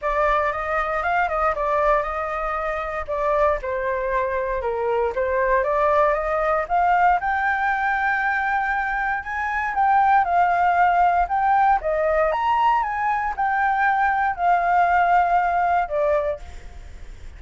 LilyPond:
\new Staff \with { instrumentName = "flute" } { \time 4/4 \tempo 4 = 117 d''4 dis''4 f''8 dis''8 d''4 | dis''2 d''4 c''4~ | c''4 ais'4 c''4 d''4 | dis''4 f''4 g''2~ |
g''2 gis''4 g''4 | f''2 g''4 dis''4 | ais''4 gis''4 g''2 | f''2. d''4 | }